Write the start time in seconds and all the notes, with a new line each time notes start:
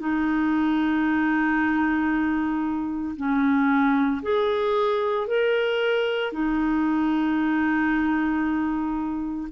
0.00 D#4
3.17 C#4
4.23 G#4
5.27 A#4
6.33 D#4